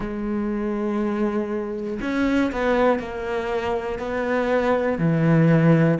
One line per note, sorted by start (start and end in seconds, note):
0.00 2.00 G#3
2.01 2.51 C#4
2.51 2.99 B3
2.99 3.99 A#3
3.99 4.98 B3
4.98 5.98 E3